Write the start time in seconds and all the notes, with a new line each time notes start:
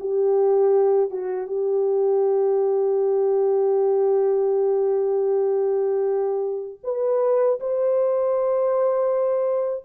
0.00 G4
1.10 F#4
1.47 G4
6.84 B4
7.60 C5